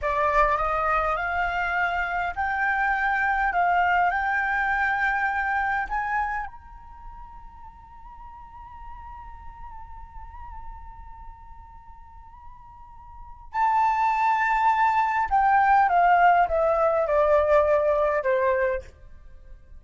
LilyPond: \new Staff \with { instrumentName = "flute" } { \time 4/4 \tempo 4 = 102 d''4 dis''4 f''2 | g''2 f''4 g''4~ | g''2 gis''4 ais''4~ | ais''1~ |
ais''1~ | ais''2. a''4~ | a''2 g''4 f''4 | e''4 d''2 c''4 | }